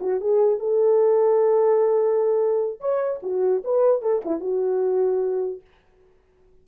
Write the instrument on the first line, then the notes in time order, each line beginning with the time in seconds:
horn
0.00 F#4
0.21 G#4
0.59 A4
2.80 C#5
3.22 F#4
3.64 B4
4.02 A4
4.25 E4
4.40 F#4